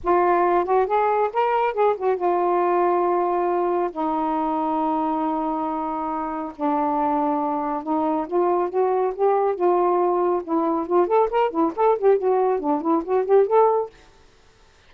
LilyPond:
\new Staff \with { instrumentName = "saxophone" } { \time 4/4 \tempo 4 = 138 f'4. fis'8 gis'4 ais'4 | gis'8 fis'8 f'2.~ | f'4 dis'2.~ | dis'2. d'4~ |
d'2 dis'4 f'4 | fis'4 g'4 f'2 | e'4 f'8 a'8 ais'8 e'8 a'8 g'8 | fis'4 d'8 e'8 fis'8 g'8 a'4 | }